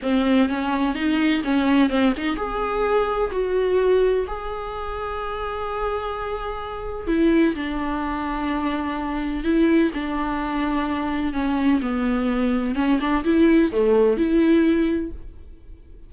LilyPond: \new Staff \with { instrumentName = "viola" } { \time 4/4 \tempo 4 = 127 c'4 cis'4 dis'4 cis'4 | c'8 dis'8 gis'2 fis'4~ | fis'4 gis'2.~ | gis'2. e'4 |
d'1 | e'4 d'2. | cis'4 b2 cis'8 d'8 | e'4 a4 e'2 | }